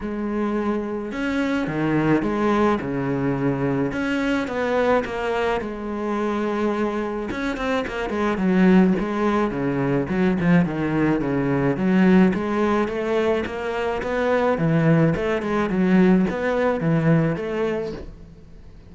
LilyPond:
\new Staff \with { instrumentName = "cello" } { \time 4/4 \tempo 4 = 107 gis2 cis'4 dis4 | gis4 cis2 cis'4 | b4 ais4 gis2~ | gis4 cis'8 c'8 ais8 gis8 fis4 |
gis4 cis4 fis8 f8 dis4 | cis4 fis4 gis4 a4 | ais4 b4 e4 a8 gis8 | fis4 b4 e4 a4 | }